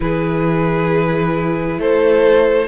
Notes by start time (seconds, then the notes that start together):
0.00 E3 E4 G#4 B4
1.78 A3 A4 C5